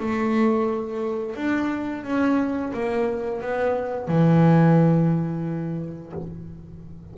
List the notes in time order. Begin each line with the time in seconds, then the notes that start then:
0.00 A3
1.36 D4
2.05 C#4
2.74 A#3
3.42 B3
4.08 E3